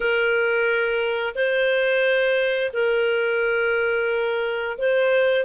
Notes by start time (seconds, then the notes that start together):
0.00 A#4
1.35 C5
2.73 A#4
4.77 C5